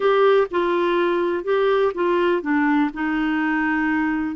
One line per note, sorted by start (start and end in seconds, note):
0.00 0.47 G4
0.50 1.44 F4
1.44 1.92 G4
1.94 2.42 F4
2.42 2.90 D4
2.93 4.35 D#4